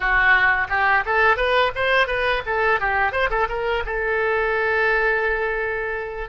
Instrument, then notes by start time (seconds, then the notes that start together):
oboe
0.00 F#4
0.68 G4
1.05 A4
1.36 B4
1.75 C5
2.07 B4
2.45 A4
2.80 G4
3.11 C5
3.30 A4
3.49 A#4
3.85 A4